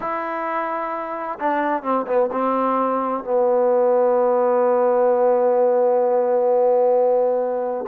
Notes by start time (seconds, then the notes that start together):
0.00 E4
1.39 D4
1.83 C4
2.06 B3
2.32 C4
3.24 B3